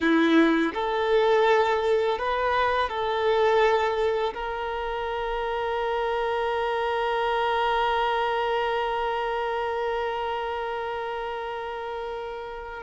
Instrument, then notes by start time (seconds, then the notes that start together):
violin
0.00 E4
0.74 A4
2.18 B4
2.89 A4
4.34 A#4